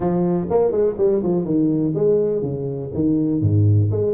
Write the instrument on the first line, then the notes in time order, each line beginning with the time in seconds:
tuba
0.00 F3
0.50 A#3
0.71 G#3
0.97 G3
1.23 F3
1.44 D#3
1.94 G#3
2.41 C#3
2.94 D#3
3.41 G#2
3.91 G#3